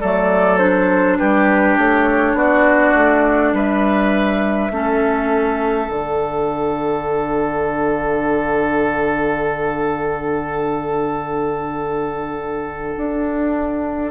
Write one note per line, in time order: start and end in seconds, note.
0.00 1.20 F#3
0.00 0.59 A3
0.00 1.18 A4
0.00 0.59 D5
0.59 4.71 D4
0.59 1.17 C5
1.18 1.78 G3
1.18 2.37 G4
1.18 1.76 B4
1.78 2.34 A3
1.78 2.38 C#5
2.34 2.93 B3
2.34 3.54 F#4
2.34 3.56 D5
2.95 3.53 A3
3.53 4.71 G3
3.53 4.72 B4
3.53 5.91 E5
4.71 5.88 A3
4.71 5.90 C#4
4.71 14.11 A4
5.89 12.95 D3
5.89 14.11 D4
5.89 14.11 F#5
12.98 14.11 D4